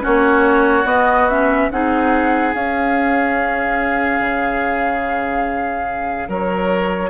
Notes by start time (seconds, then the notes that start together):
0.00 A#3 C#4 F#4 C#5
0.84 B3 D#5
1.28 C#4 E5
1.70 C4 D#4 G#4 F#5
2.54 C#4 F5
4.19 C#3
6.28 F#3 A#4 C#5